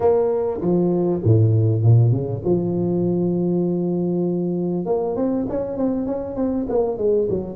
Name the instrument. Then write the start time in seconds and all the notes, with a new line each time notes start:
tuba
0.00 A#3
0.60 F3
1.24 A2
1.82 A#2
2.11 C#3
2.44 F3
4.85 A#3
5.15 C4
5.49 C#4
5.77 C4
6.06 C#4
6.36 C4
6.68 A#3
6.97 G#3
7.29 F#3